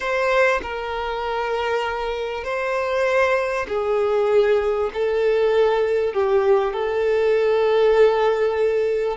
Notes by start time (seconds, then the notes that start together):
0.00 C5
0.62 A#4
2.44 C5
3.67 G#4
4.93 A4
6.13 G4
6.73 A4